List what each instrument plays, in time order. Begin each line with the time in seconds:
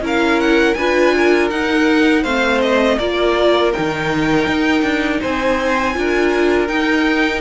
0.00 cello C#4, viola E4, violin A#4
0.06 violin F5
0.40 violin F#5
0.74 cello D4, viola F4, violin B4 G#5
1.16 violin A#4
1.50 cello D#4, viola D#4, violin F#5
2.22 cello A3, viola C4, violin C5 F5
2.61 violin D#5
2.98 cello A#3, viola F4, violin A#4 D5
3.73 cello D#3, viola D#4, violin G5
4.46 cello D#4
4.82 cello D4
5.20 cello C4, violin C5 G#5
5.93 cello D4, viola F4, violin A#4
6.67 viola D#4, cello D#4, violin G5